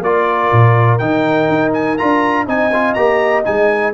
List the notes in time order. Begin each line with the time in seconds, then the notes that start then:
0.00 A#3 F4 A#4 D5
0.52 A#2
0.98 D#3 D#4 G5
1.49 D#4
1.73 G#5
1.97 D4 F4 A#5
2.47 C4 D#4 D#5 G#5
2.73 F4
2.94 A#3 G4 A#5
3.44 G#3 D#4 G#5